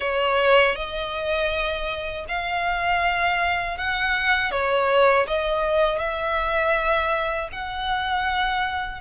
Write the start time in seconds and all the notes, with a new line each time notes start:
0.00 C#5
0.75 D#5
2.28 F5
3.77 F#5
4.51 C#5
5.27 D#5
5.99 E5
7.51 F#5